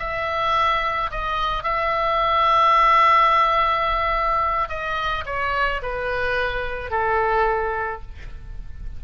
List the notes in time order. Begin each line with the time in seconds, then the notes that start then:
0.00 E5
1.11 D#5
1.64 E5
4.69 D#5
5.26 C#5
5.83 B4
6.91 A4